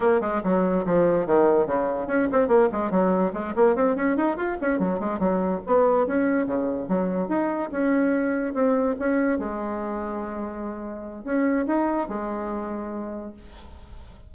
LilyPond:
\new Staff \with { instrumentName = "bassoon" } { \time 4/4 \tempo 4 = 144 ais8 gis8 fis4 f4 dis4 | cis4 cis'8 c'8 ais8 gis8 fis4 | gis8 ais8 c'8 cis'8 dis'8 f'8 cis'8 fis8 | gis8 fis4 b4 cis'4 cis8~ |
cis8 fis4 dis'4 cis'4.~ | cis'8 c'4 cis'4 gis4.~ | gis2. cis'4 | dis'4 gis2. | }